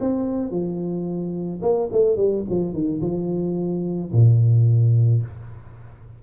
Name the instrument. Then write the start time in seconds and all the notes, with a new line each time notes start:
tuba
0.00 C4
0.51 F3
1.62 A#3
1.92 A3
2.16 G3
2.49 F3
2.73 D#3
3.02 F3
4.12 A#2